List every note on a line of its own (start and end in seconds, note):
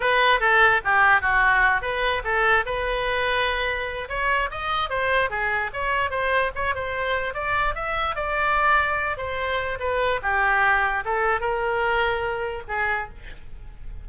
0.00 0.40 B4
0.40 0.81 A4
0.84 1.21 G4
1.21 1.81 F#4
1.81 2.22 B4
2.24 2.64 A4
2.65 4.08 B4
4.08 4.49 C#5
4.50 4.89 D#5
4.89 5.30 C5
5.30 5.71 G#4
5.73 6.10 C#5
6.10 6.51 C5
6.55 6.74 C#5
6.74 7.34 C5
7.34 7.75 D5
7.75 8.15 E5
8.15 9.17 D5
9.17 9.78 C5
9.79 10.20 B4
10.22 11.04 G4
11.04 11.40 A4
11.40 12.63 A#4
12.68 13.09 G#4